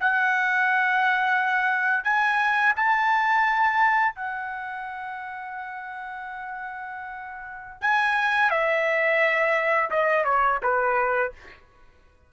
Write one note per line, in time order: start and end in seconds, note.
0.00 2.04 F#5
2.04 2.74 G#5
2.76 4.15 A5
4.15 7.81 F#5
7.81 8.50 G#5
8.50 9.90 E5
9.90 10.24 D#5
10.24 10.59 C#5
10.63 11.32 B4